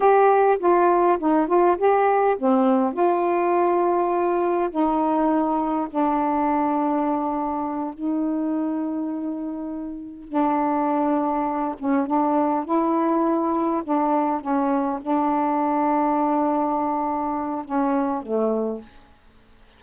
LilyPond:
\new Staff \with { instrumentName = "saxophone" } { \time 4/4 \tempo 4 = 102 g'4 f'4 dis'8 f'8 g'4 | c'4 f'2. | dis'2 d'2~ | d'4. dis'2~ dis'8~ |
dis'4. d'2~ d'8 | cis'8 d'4 e'2 d'8~ | d'8 cis'4 d'2~ d'8~ | d'2 cis'4 a4 | }